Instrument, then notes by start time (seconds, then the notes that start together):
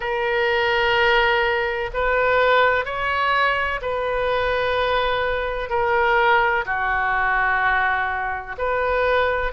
oboe
0.00 A#4
1.93 B4
2.85 C#5
3.81 B4
5.69 A#4
6.65 F#4
8.58 B4